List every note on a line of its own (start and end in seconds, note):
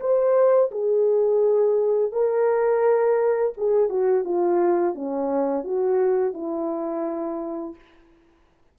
0.00 0.71 C5
0.72 2.12 G#4
2.12 3.53 A#4
3.57 3.89 G#4
3.89 4.24 F#4
4.24 4.95 F4
4.95 5.64 C#4
5.64 6.34 F#4
6.34 7.75 E4